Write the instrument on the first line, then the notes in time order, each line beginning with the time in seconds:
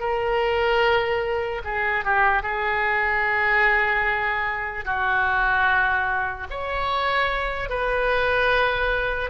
oboe
0.00 A#4
1.64 G#4
2.05 G4
2.43 G#4
4.85 F#4
6.51 C#5
7.70 B4